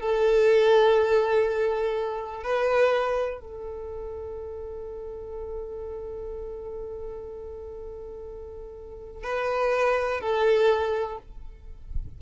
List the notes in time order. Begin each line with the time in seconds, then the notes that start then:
0.00 A4
2.43 B4
3.41 A4
9.23 B4
10.20 A4